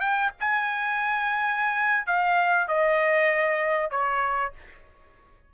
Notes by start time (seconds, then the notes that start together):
0.00 G5
0.40 G#5
2.07 F5
2.68 D#5
3.91 C#5